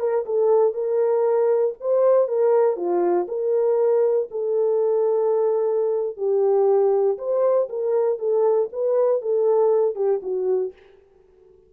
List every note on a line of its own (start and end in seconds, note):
0.00 0.25 A#4
0.26 0.74 A4
0.74 1.75 A#4
1.81 2.28 C5
2.28 2.77 A#4
2.77 3.27 F4
3.28 4.29 A#4
4.31 6.17 A4
6.17 7.18 G4
7.18 7.69 C5
7.70 8.19 A#4
8.19 8.70 A4
8.73 9.22 B4
9.22 9.96 A4
9.96 10.21 G4
10.23 10.73 F#4